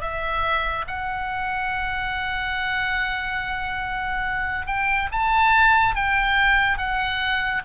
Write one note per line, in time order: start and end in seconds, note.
0.00 0.85 E5
0.87 4.66 F#5
4.66 5.09 G5
5.11 5.95 A5
5.95 6.77 G5
6.77 7.62 F#5